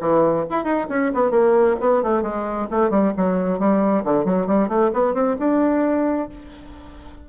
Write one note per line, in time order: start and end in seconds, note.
0.00 0.45 E3
0.49 0.64 E4
0.64 0.86 D#4
0.89 1.11 C#4
1.14 1.30 B3
1.30 1.75 A#3
1.80 2.02 B3
2.02 2.22 A3
2.22 2.67 G#3
2.71 2.90 A3
2.90 3.12 G3
3.16 3.59 F#3
3.59 4.04 G3
4.04 4.25 D3
4.25 4.47 F#3
4.47 4.68 G3
4.68 4.90 A3
4.93 5.14 B3
5.14 5.36 C4
5.39 6.28 D4